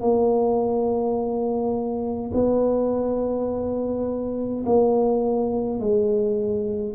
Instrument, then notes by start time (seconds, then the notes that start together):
tuba
0.00 A#3
2.33 B3
4.66 A#3
5.80 G#3